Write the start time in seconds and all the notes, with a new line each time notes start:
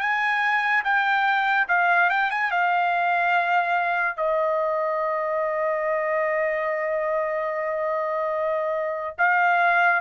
0.00 G#5
0.84 G5
1.68 F5
2.09 G5
2.30 G#5
2.51 F5
4.16 D#5
9.18 F5